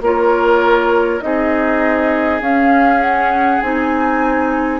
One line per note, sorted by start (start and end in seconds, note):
0.00 1.20 A#3
0.00 1.20 F4
0.00 1.23 A#4
0.00 1.20 C#5
1.20 2.40 C4
1.20 2.40 D#4
1.20 4.80 G#4
1.20 2.40 D#5
2.40 3.60 C#4
2.40 3.62 C#4
2.40 3.01 F5
3.01 3.61 F#5
3.61 4.80 C4
3.61 4.80 D#4
3.61 4.80 G#5